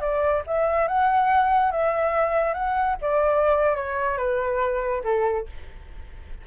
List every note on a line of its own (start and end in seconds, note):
0.00 0.43 D5
0.46 0.88 E5
0.88 1.71 F#5
1.71 2.53 E5
2.53 2.96 F#5
3.01 3.76 D5
3.76 4.17 C#5
4.17 5.02 B4
5.04 5.46 A4